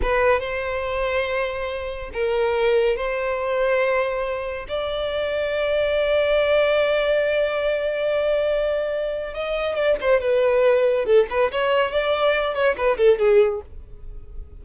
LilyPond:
\new Staff \with { instrumentName = "violin" } { \time 4/4 \tempo 4 = 141 b'4 c''2.~ | c''4 ais'2 c''4~ | c''2. d''4~ | d''1~ |
d''1~ | d''2 dis''4 d''8 c''8 | b'2 a'8 b'8 cis''4 | d''4. cis''8 b'8 a'8 gis'4 | }